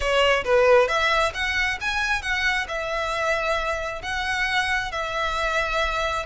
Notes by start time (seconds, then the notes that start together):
0.00 C#5
0.44 B4
0.87 E5
1.34 F#5
1.81 G#5
2.22 F#5
2.68 E5
4.02 F#5
4.91 E5